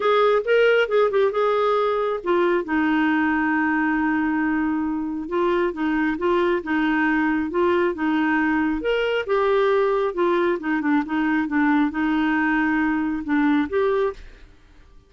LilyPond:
\new Staff \with { instrumentName = "clarinet" } { \time 4/4 \tempo 4 = 136 gis'4 ais'4 gis'8 g'8 gis'4~ | gis'4 f'4 dis'2~ | dis'1 | f'4 dis'4 f'4 dis'4~ |
dis'4 f'4 dis'2 | ais'4 g'2 f'4 | dis'8 d'8 dis'4 d'4 dis'4~ | dis'2 d'4 g'4 | }